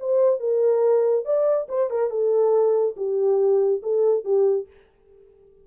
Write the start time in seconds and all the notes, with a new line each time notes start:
0.00 C5
0.40 A#4
1.25 D5
1.69 C5
1.90 A#4
2.10 A4
2.97 G4
3.83 A4
4.25 G4